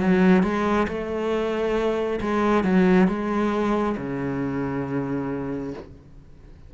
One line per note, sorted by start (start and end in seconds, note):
0.00 0.43 F#3
0.43 0.87 G#3
0.88 2.20 A3
2.21 2.64 G#3
2.64 3.08 F#3
3.08 3.96 G#3
3.97 5.74 C#3